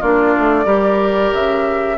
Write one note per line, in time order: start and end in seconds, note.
0.00 0.35 A#3
0.00 0.65 D4
0.00 0.65 F4
0.00 1.34 D5
0.38 0.65 A3
0.65 1.31 G3
0.65 1.97 G4
0.65 1.97 A#4
1.34 1.98 C#3
1.34 1.98 E5